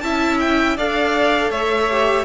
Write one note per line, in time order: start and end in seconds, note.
0.00 0.77 C#4
0.00 0.78 E4
0.00 0.77 E5
0.00 0.38 A5
0.40 0.77 G5
0.77 1.50 D4
0.77 1.91 A4
0.77 1.50 D5
0.77 1.51 F5
1.50 2.25 A3
1.50 2.25 C#5
1.50 2.25 E5
1.91 2.25 G4